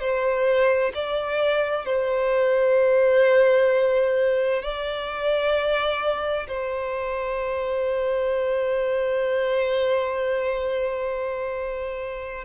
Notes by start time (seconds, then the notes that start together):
0.00 C5
0.94 D5
1.85 C5
4.62 D5
6.48 C5